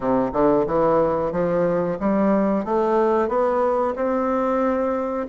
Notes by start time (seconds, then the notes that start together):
0.00 C3
0.32 D3
0.66 E3
1.32 F3
1.99 G3
2.65 A3
3.28 B3
3.95 C4